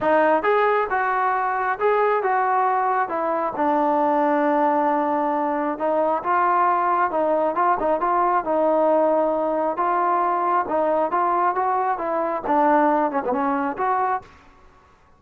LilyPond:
\new Staff \with { instrumentName = "trombone" } { \time 4/4 \tempo 4 = 135 dis'4 gis'4 fis'2 | gis'4 fis'2 e'4 | d'1~ | d'4 dis'4 f'2 |
dis'4 f'8 dis'8 f'4 dis'4~ | dis'2 f'2 | dis'4 f'4 fis'4 e'4 | d'4. cis'16 b16 cis'4 fis'4 | }